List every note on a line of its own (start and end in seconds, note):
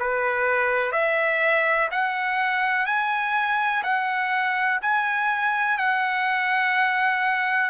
0.00 0.93 B4
0.93 1.90 E5
1.92 2.87 F#5
2.87 3.84 G#5
3.84 4.80 F#5
4.82 5.78 G#5
5.78 7.71 F#5